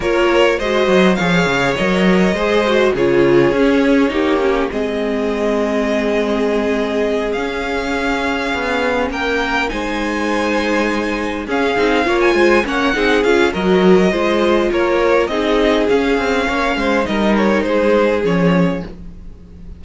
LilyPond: <<
  \new Staff \with { instrumentName = "violin" } { \time 4/4 \tempo 4 = 102 cis''4 dis''4 f''4 dis''4~ | dis''4 cis''2. | dis''1~ | dis''8 f''2. g''8~ |
g''8 gis''2. f''8~ | f''8. gis''8. fis''4 f''8 dis''4~ | dis''4 cis''4 dis''4 f''4~ | f''4 dis''8 cis''8 c''4 cis''4 | }
  \new Staff \with { instrumentName = "violin" } { \time 4/4 ais'4 c''4 cis''2 | c''4 gis'2 g'4 | gis'1~ | gis'2.~ gis'8 ais'8~ |
ais'8 c''2. gis'8~ | gis'8 cis''8 c''8 cis''8 gis'4 ais'4 | c''4 ais'4 gis'2 | cis''8 c''8 ais'4 gis'2 | }
  \new Staff \with { instrumentName = "viola" } { \time 4/4 f'4 fis'4 gis'4 ais'4 | gis'8 fis'8 f'4 cis'4 dis'8 cis'8 | c'1~ | c'8 cis'2.~ cis'8~ |
cis'8 dis'2. cis'8 | dis'8 f'4 cis'8 dis'8 f'8 fis'4 | f'2 dis'4 cis'4~ | cis'4 dis'2 cis'4 | }
  \new Staff \with { instrumentName = "cello" } { \time 4/4 ais4 gis8 fis8 f8 cis8 fis4 | gis4 cis4 cis'4 ais4 | gis1~ | gis8 cis'2 b4 ais8~ |
ais8 gis2. cis'8 | c'8 ais8 gis8 ais8 c'8 cis'8 fis4 | gis4 ais4 c'4 cis'8 c'8 | ais8 gis8 g4 gis4 f4 | }
>>